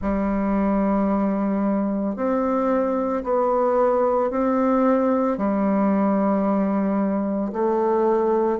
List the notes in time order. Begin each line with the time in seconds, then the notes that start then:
0.01 G3
2.16 C4
3.23 B3
4.30 C4
5.37 G3
7.52 A3